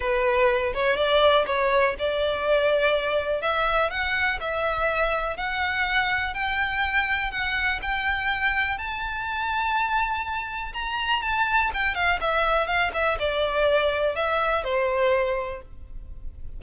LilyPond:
\new Staff \with { instrumentName = "violin" } { \time 4/4 \tempo 4 = 123 b'4. cis''8 d''4 cis''4 | d''2. e''4 | fis''4 e''2 fis''4~ | fis''4 g''2 fis''4 |
g''2 a''2~ | a''2 ais''4 a''4 | g''8 f''8 e''4 f''8 e''8 d''4~ | d''4 e''4 c''2 | }